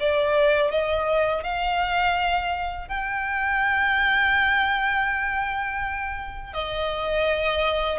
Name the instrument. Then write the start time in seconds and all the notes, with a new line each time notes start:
violin
0.00 D5
0.71 D#5
1.43 F5
2.88 G5
6.54 D#5